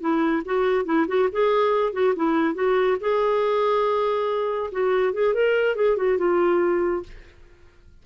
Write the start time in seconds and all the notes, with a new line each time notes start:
0.00 E4
0.45 F#4
0.85 E4
1.07 F#4
1.32 G#4
1.92 F#4
2.15 E4
2.54 F#4
3.00 G#4
4.71 F#4
5.13 G#4
5.34 A#4
5.75 G#4
5.96 F#4
6.18 F4